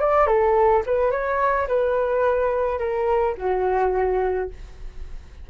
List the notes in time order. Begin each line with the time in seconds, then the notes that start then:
0.00 D5
0.27 A4
0.86 B4
1.11 C#5
1.67 B4
2.79 A#4
3.37 F#4